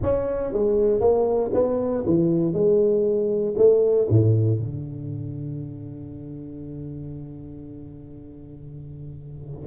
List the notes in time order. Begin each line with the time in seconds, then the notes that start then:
0.02 C#4
0.52 G#3
1.00 A#3
1.53 B3
2.06 E3
2.53 G#3
3.57 A3
4.09 A2
4.59 D3